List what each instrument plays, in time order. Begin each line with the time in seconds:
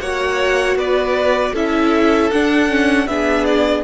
0.00 cello A#3, viola F#4, violin C#5 F#5
0.75 cello B3, violin B4 D5
1.52 cello C#4, viola E4, violin A4 E5
2.30 viola D4, cello D4, violin F#5
2.69 viola C#4
3.06 cello B3, viola D4, violin G#4 E5
3.45 violin D5